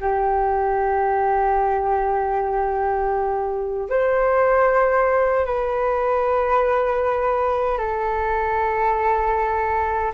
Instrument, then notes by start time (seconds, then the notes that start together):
flute
0.00 G4
3.90 C5
5.45 B4
7.78 A4